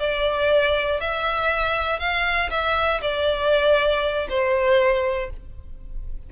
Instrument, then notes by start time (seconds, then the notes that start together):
violin
0.00 D5
1.01 E5
1.99 F5
2.50 E5
3.02 D5
4.29 C5